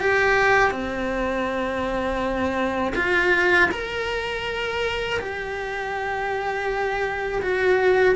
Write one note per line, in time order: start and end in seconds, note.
0.00 0.71 G4
0.71 2.93 C4
2.96 3.70 F4
3.71 5.19 A#4
5.20 7.42 G4
7.42 8.15 F#4